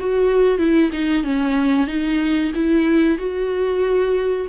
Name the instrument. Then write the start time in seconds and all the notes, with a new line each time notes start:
viola
0.00 F#4
0.59 E4
0.93 D#4
1.24 C#4
1.88 D#4
2.55 E4
3.19 F#4